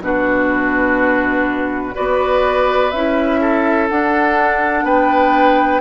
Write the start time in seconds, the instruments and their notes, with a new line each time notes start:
0.00 bassoon B2, clarinet D4, oboe F#4, flute B4
1.94 bassoon B3, clarinet F#4, oboe B4, flute D5
2.91 bassoon C#4, clarinet E4, flute E5
3.41 oboe A4
3.89 clarinet D4, bassoon D4, flute F#5
4.84 bassoon B3, oboe B4, flute G5